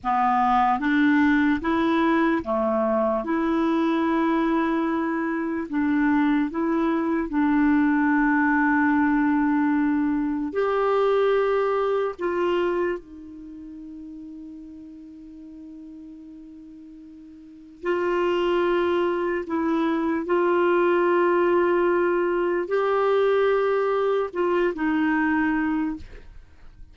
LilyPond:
\new Staff \with { instrumentName = "clarinet" } { \time 4/4 \tempo 4 = 74 b4 d'4 e'4 a4 | e'2. d'4 | e'4 d'2.~ | d'4 g'2 f'4 |
dis'1~ | dis'2 f'2 | e'4 f'2. | g'2 f'8 dis'4. | }